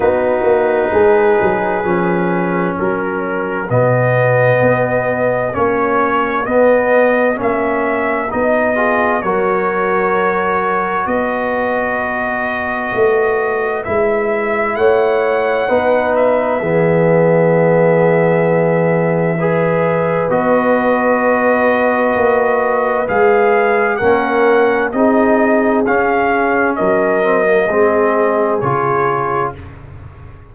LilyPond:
<<
  \new Staff \with { instrumentName = "trumpet" } { \time 4/4 \tempo 4 = 65 b'2. ais'4 | dis''2 cis''4 dis''4 | e''4 dis''4 cis''2 | dis''2. e''4 |
fis''4. e''2~ e''8~ | e''2 dis''2~ | dis''4 f''4 fis''4 dis''4 | f''4 dis''2 cis''4 | }
  \new Staff \with { instrumentName = "horn" } { \time 4/4 fis'4 gis'2 fis'4~ | fis'1~ | fis'4. gis'8 ais'2 | b'1 |
cis''4 b'4 gis'2~ | gis'4 b'2.~ | b'2 ais'4 gis'4~ | gis'4 ais'4 gis'2 | }
  \new Staff \with { instrumentName = "trombone" } { \time 4/4 dis'2 cis'2 | b2 cis'4 b4 | cis'4 dis'8 f'8 fis'2~ | fis'2. e'4~ |
e'4 dis'4 b2~ | b4 gis'4 fis'2~ | fis'4 gis'4 cis'4 dis'4 | cis'4. c'16 ais16 c'4 f'4 | }
  \new Staff \with { instrumentName = "tuba" } { \time 4/4 b8 ais8 gis8 fis8 f4 fis4 | b,4 b4 ais4 b4 | ais4 b4 fis2 | b2 a4 gis4 |
a4 b4 e2~ | e2 b2 | ais4 gis4 ais4 c'4 | cis'4 fis4 gis4 cis4 | }
>>